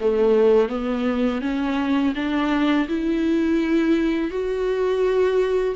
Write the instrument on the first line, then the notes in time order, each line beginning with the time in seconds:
viola
0.00 A3
0.69 B3
1.41 C#4
2.15 D4
2.88 E4
4.30 F#4